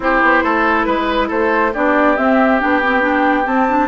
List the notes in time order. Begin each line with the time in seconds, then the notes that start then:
0.00 C4 E4 G4 C5
0.22 B3
0.43 A3 A4
0.83 G#3 B4
1.27 A3 A4 C5
1.73 B3 D4 G4 D5
2.16 C4 E5
2.59 B3 D4 G5
2.82 C4
3.00 D4
3.44 C4 A5
3.68 D4